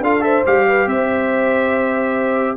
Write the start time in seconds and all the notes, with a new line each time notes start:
0.00 D4 F4 A4 F5
0.20 A4 C5 E5
0.45 G3 G4 F5
0.67 B4
0.86 C4 C5 E5